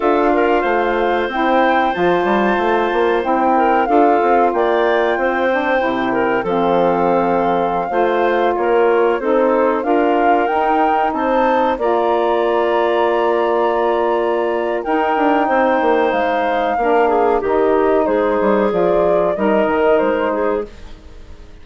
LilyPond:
<<
  \new Staff \with { instrumentName = "flute" } { \time 4/4 \tempo 4 = 93 f''2 g''4 a''4~ | a''4 g''4 f''4 g''4~ | g''2 f''2~ | f''4~ f''16 cis''4 c''4 f''8.~ |
f''16 g''4 a''4 ais''4.~ ais''16~ | ais''2. g''4~ | g''4 f''2 dis''4 | c''4 d''4 dis''4 c''4 | }
  \new Staff \with { instrumentName = "clarinet" } { \time 4/4 a'8 ais'8 c''2.~ | c''4. ais'8 a'4 d''4 | c''4. ais'8 a'2~ | a'16 c''4 ais'4 a'4 ais'8.~ |
ais'4~ ais'16 c''4 d''4.~ d''16~ | d''2. ais'4 | c''2 ais'8 gis'8 g'4 | gis'2 ais'4. gis'8 | }
  \new Staff \with { instrumentName = "saxophone" } { \time 4/4 f'2 e'4 f'4~ | f'4 e'4 f'2~ | f'8 d'8 e'4 c'2~ | c'16 f'2 dis'4 f'8.~ |
f'16 dis'2 f'4.~ f'16~ | f'2. dis'4~ | dis'2 d'4 dis'4~ | dis'4 f'4 dis'2 | }
  \new Staff \with { instrumentName = "bassoon" } { \time 4/4 d'4 a4 c'4 f8 g8 | a8 ais8 c'4 d'8 c'8 ais4 | c'4 c4 f2~ | f16 a4 ais4 c'4 d'8.~ |
d'16 dis'4 c'4 ais4.~ ais16~ | ais2. dis'8 d'8 | c'8 ais8 gis4 ais4 dis4 | gis8 g8 f4 g8 dis8 gis4 | }
>>